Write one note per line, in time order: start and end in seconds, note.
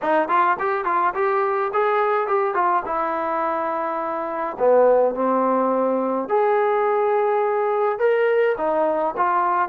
0.02 0.28 D#4
0.28 0.57 F4
0.59 0.84 G4
0.84 1.13 F4
1.14 1.71 G4
1.73 2.27 G#4
2.27 2.54 G4
2.54 2.82 F4
2.85 4.57 E4
4.58 5.15 B3
5.15 6.29 C4
6.29 7.98 G#4
7.98 8.56 A#4
8.57 9.15 D#4
9.16 9.68 F4